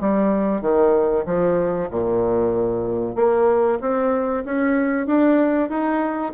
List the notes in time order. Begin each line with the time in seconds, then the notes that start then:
0.00 G3
0.61 D#3
1.26 F3
1.91 A#2
3.15 A#3
3.81 C4
4.45 C#4
5.07 D4
5.69 D#4